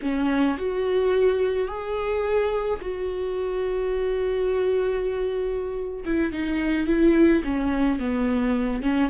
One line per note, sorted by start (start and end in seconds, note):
0.02 0.57 C#4
0.57 1.67 F#4
1.67 2.80 G#4
2.81 6.03 F#4
6.05 6.32 E4
6.32 6.86 D#4
6.86 7.42 E4
7.43 7.99 C#4
7.99 8.82 B3
8.82 9.10 C#4